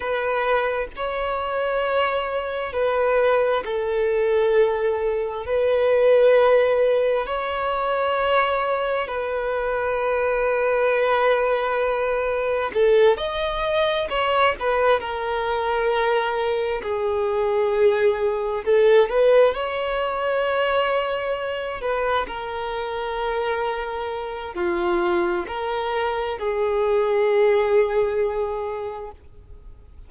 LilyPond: \new Staff \with { instrumentName = "violin" } { \time 4/4 \tempo 4 = 66 b'4 cis''2 b'4 | a'2 b'2 | cis''2 b'2~ | b'2 a'8 dis''4 cis''8 |
b'8 ais'2 gis'4.~ | gis'8 a'8 b'8 cis''2~ cis''8 | b'8 ais'2~ ais'8 f'4 | ais'4 gis'2. | }